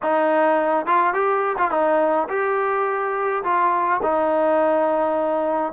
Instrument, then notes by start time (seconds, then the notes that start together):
trombone
0.02 D#4
0.86 F4
1.13 G4
1.58 F4
1.71 D#4
2.29 G4
3.43 F4
4.02 D#4